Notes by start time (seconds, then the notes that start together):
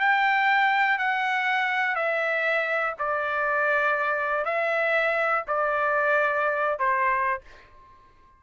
0.00 G5
0.98 F#5
1.96 E5
2.99 D5
4.45 E5
5.48 D5
6.79 C5